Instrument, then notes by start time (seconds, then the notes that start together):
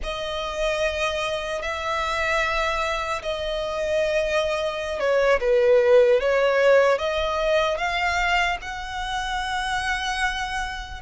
violin
0.03 D#5
1.61 E5
3.22 D#5
4.99 C#5
5.40 B4
6.20 C#5
6.98 D#5
7.77 F5
8.61 F#5